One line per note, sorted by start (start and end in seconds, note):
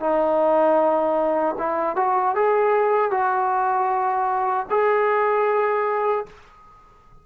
0.00 1.56 D#4
1.59 1.96 E4
1.96 2.35 F#4
2.36 3.11 G#4
3.11 4.67 F#4
4.70 6.26 G#4